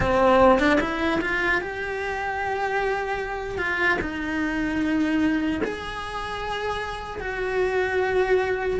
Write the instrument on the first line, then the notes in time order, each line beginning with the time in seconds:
cello
0.00 C4
0.59 D4
0.80 E4
1.21 F4
1.61 G4
3.58 F4
4.01 D#4
5.63 G#4
7.20 F#4